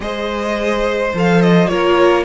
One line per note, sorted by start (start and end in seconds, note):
0.00 1.13 G#3
0.00 1.12 G#4
0.00 1.70 C5
0.00 1.13 D#5
1.13 1.70 F3
1.13 1.68 A4
1.13 1.41 F5
1.41 1.67 D#5
1.67 2.24 A#3
1.67 2.24 F4
1.67 2.24 A#4
1.67 2.24 C#5